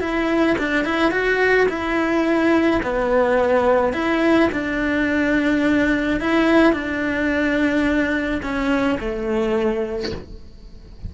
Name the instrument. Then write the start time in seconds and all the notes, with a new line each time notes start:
cello
0.00 E4
0.58 D4
0.84 E4
1.11 F#4
1.68 E4
2.83 B3
3.93 E4
4.52 D4
6.20 E4
6.73 D4
8.42 C#4
8.99 A3